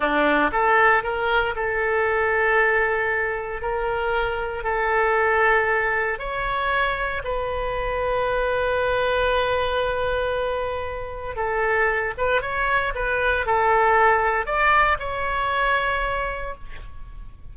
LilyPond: \new Staff \with { instrumentName = "oboe" } { \time 4/4 \tempo 4 = 116 d'4 a'4 ais'4 a'4~ | a'2. ais'4~ | ais'4 a'2. | cis''2 b'2~ |
b'1~ | b'2 a'4. b'8 | cis''4 b'4 a'2 | d''4 cis''2. | }